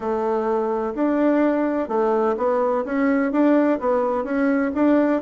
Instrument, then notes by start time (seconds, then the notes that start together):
bassoon
0.00 A3
0.94 D4
1.88 A3
2.37 B3
2.84 C#4
3.32 D4
3.79 B3
4.24 C#4
4.74 D4